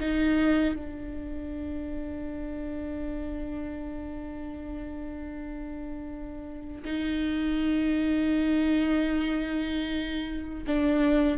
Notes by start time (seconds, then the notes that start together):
0.00 D#4
0.75 D4
6.85 D#4
10.67 D4